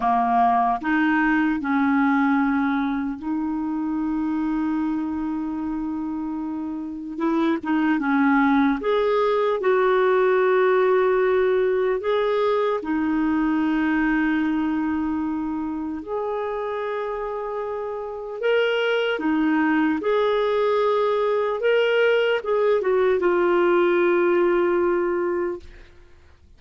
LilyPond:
\new Staff \with { instrumentName = "clarinet" } { \time 4/4 \tempo 4 = 75 ais4 dis'4 cis'2 | dis'1~ | dis'4 e'8 dis'8 cis'4 gis'4 | fis'2. gis'4 |
dis'1 | gis'2. ais'4 | dis'4 gis'2 ais'4 | gis'8 fis'8 f'2. | }